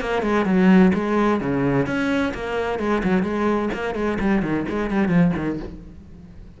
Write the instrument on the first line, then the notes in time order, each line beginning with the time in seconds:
cello
0.00 A#3
0.22 G#3
0.45 F#3
0.93 G#3
1.40 C#3
1.86 C#4
2.34 A#3
2.79 G#3
3.03 F#3
3.22 G#3
3.73 A#3
3.95 G#3
4.19 G3
4.42 D#3
4.69 G#3
4.90 G3
5.08 F3
5.36 D#3